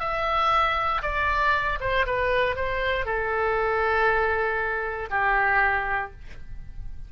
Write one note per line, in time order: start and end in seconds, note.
0.00 1.02 E5
1.02 1.78 D5
1.80 2.06 C5
2.06 2.56 B4
2.56 3.06 C5
3.06 5.09 A4
5.10 6.12 G4